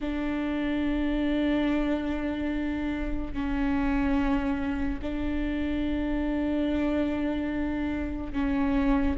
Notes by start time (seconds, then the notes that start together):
0.00 D4
3.33 C#4
5.02 D4
8.33 C#4